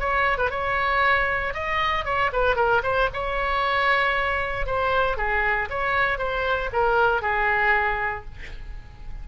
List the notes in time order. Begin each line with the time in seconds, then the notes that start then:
0.00 C#5
0.38 B4
0.51 C#5
1.54 D#5
2.05 C#5
2.33 B4
2.56 A#4
2.84 C5
3.14 C#5
4.67 C5
5.17 G#4
5.70 C#5
6.19 C5
6.73 A#4
7.22 G#4